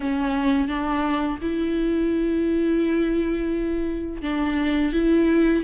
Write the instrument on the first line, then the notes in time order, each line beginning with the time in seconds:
viola
0.00 C#4
0.68 D4
1.41 E4
4.22 D4
4.93 E4